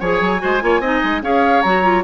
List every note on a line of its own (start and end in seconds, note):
0.00 0.21 F3
0.00 0.39 G#4
0.00 0.41 C#5
0.00 1.23 G#5
0.21 0.41 F#3
0.39 0.63 G#3
0.39 0.59 F#4
0.39 0.63 C5
0.62 0.80 A#3
0.62 0.82 F4
0.62 0.81 C#5
0.80 1.01 C4
0.80 1.22 D#4
0.80 1.22 D#5
1.04 1.22 G#3
1.22 1.63 C#4
1.22 1.64 G#4
1.22 2.05 C#5
1.22 1.62 F5
1.62 2.05 F#3
1.62 1.83 F#4
1.62 2.03 A#5
1.83 2.04 F4